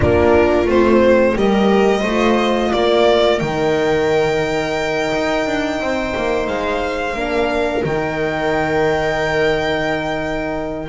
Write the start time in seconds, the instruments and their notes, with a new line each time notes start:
0.00 double bass A#3, horn D4, viola F4, violin A#4
0.65 double bass A3, horn C4, violin C5
1.34 double bass G3, horn G4, viola A#4, violin D#5
2.00 double bass A3, horn F4, viola C5
2.72 double bass A#3, viola A#4, violin D5
3.39 double bass D#3, horn D#4, violin G5
5.13 double bass D#4
5.45 double bass D4
5.79 double bass C4, viola C5
6.16 double bass A#3
6.47 double bass G#3, violin F5
7.14 double bass A#3, horn D4, viola A#4
7.82 double bass D#3, horn D#4, violin G5